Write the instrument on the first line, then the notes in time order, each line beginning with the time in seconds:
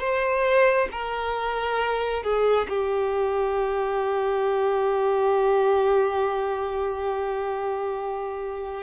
violin
0.00 C5
0.92 A#4
2.23 G#4
2.70 G4